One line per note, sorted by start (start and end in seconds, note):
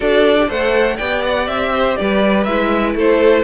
0.00 0.49 D4
0.00 0.36 F#4
0.00 0.45 A4
0.00 0.49 D5
0.38 0.49 G4
0.48 0.99 A3
0.48 0.98 A4
0.48 0.96 C5
0.48 0.97 F#5
0.96 1.47 B3
0.96 2.47 G4
0.96 1.69 D5
0.96 1.21 G5
1.24 1.47 F#5
1.47 1.96 C4
1.47 1.96 E5
1.73 1.98 C5
1.96 2.46 G3
1.96 2.96 B4
1.96 2.43 D5
2.43 2.94 G#3
2.43 3.44 E4
2.43 2.92 E5
2.94 3.43 A3
2.94 3.44 A4
2.94 3.44 C5